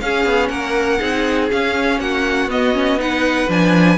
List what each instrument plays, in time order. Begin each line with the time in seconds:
0.00 viola C#4, cello C#4, violin G#4 F5
0.25 cello B3
0.48 cello A#3, violin A#4 F#5
0.98 cello C4, viola D#4, violin G#4
1.51 viola C#4, cello C#4, violin F5
1.99 cello A#3, violin F#4 F#5
2.45 cello B3, viola B3, violin D#5
2.73 viola C#4
2.97 viola D#4, violin B4 F#5
3.48 cello F3, viola D4, violin G#5